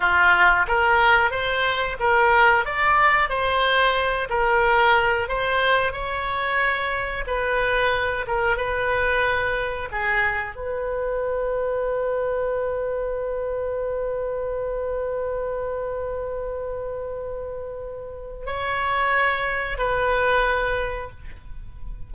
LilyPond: \new Staff \with { instrumentName = "oboe" } { \time 4/4 \tempo 4 = 91 f'4 ais'4 c''4 ais'4 | d''4 c''4. ais'4. | c''4 cis''2 b'4~ | b'8 ais'8 b'2 gis'4 |
b'1~ | b'1~ | b'1 | cis''2 b'2 | }